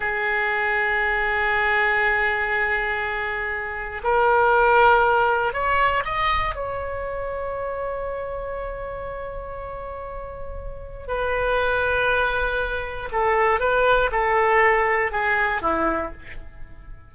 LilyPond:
\new Staff \with { instrumentName = "oboe" } { \time 4/4 \tempo 4 = 119 gis'1~ | gis'1 | ais'2. cis''4 | dis''4 cis''2.~ |
cis''1~ | cis''2 b'2~ | b'2 a'4 b'4 | a'2 gis'4 e'4 | }